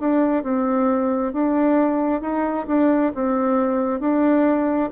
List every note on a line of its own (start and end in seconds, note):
0.00 0.44 D4
0.44 1.33 C4
1.33 2.21 D4
2.21 2.66 D#4
2.67 3.12 D4
3.15 4.00 C4
4.00 4.89 D4